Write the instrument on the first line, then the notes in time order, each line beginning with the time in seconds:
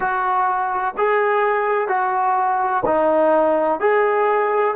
trombone
0.00 F#4
0.97 G#4
1.87 F#4
2.85 D#4
3.80 G#4